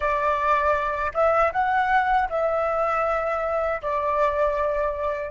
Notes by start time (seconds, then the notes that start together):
0.00 D5
1.14 E5
1.52 F#5
2.29 E5
3.82 D5